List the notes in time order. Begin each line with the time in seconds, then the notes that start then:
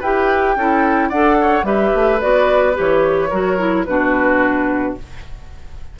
0.00 E4 G4 B4 G5
0.56 C#4 E4 A4
1.09 D4 A4 D5 F#5
1.41 C#5
1.63 G3 G4 B4 E5
1.95 A3
2.21 B3 F#4 D5
2.74 E3 G4 C#5
3.30 F#3 F#4 A#4
3.58 E4
3.85 B2 D4 F#4 B4